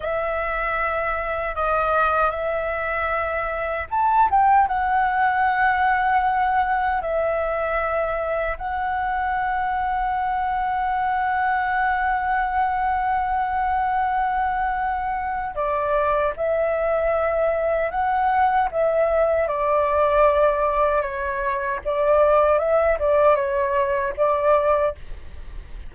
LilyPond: \new Staff \with { instrumentName = "flute" } { \time 4/4 \tempo 4 = 77 e''2 dis''4 e''4~ | e''4 a''8 g''8 fis''2~ | fis''4 e''2 fis''4~ | fis''1~ |
fis''1 | d''4 e''2 fis''4 | e''4 d''2 cis''4 | d''4 e''8 d''8 cis''4 d''4 | }